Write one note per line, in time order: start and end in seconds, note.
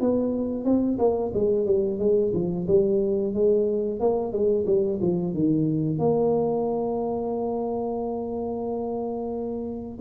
0.00 0.65 B3
0.65 0.98 C4
0.98 1.32 A#3
1.34 1.66 G#3
1.66 1.99 G3
1.99 2.32 G#3
2.33 2.67 F3
2.67 3.34 G3
3.34 4.00 G#3
4.00 4.32 A#3
4.32 4.65 G#3
4.66 4.99 G3
5.01 5.34 F3
5.34 5.98 D#3
5.98 9.98 A#3